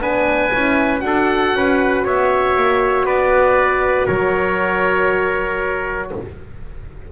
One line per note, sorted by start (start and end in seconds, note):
0.00 0.51 B3
0.00 0.51 D4
0.00 1.03 B4
0.00 1.00 G#5
0.52 1.02 C#4
0.52 0.99 E4
0.99 1.53 D4
0.99 6.07 F#4
0.99 2.02 F#5
1.06 1.57 A4
1.53 2.04 C#4
1.53 2.04 B4
2.04 2.56 B3
2.04 3.06 C#5
2.04 3.06 E5
2.56 3.05 A#3
3.05 4.07 B3
3.05 4.06 B4
3.05 4.07 D5
4.06 6.12 F#3
4.06 6.09 A#4
4.06 6.10 C#5